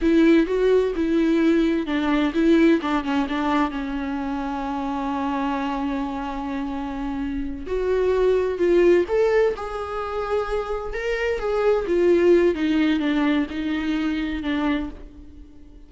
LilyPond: \new Staff \with { instrumentName = "viola" } { \time 4/4 \tempo 4 = 129 e'4 fis'4 e'2 | d'4 e'4 d'8 cis'8 d'4 | cis'1~ | cis'1~ |
cis'8 fis'2 f'4 a'8~ | a'8 gis'2. ais'8~ | ais'8 gis'4 f'4. dis'4 | d'4 dis'2 d'4 | }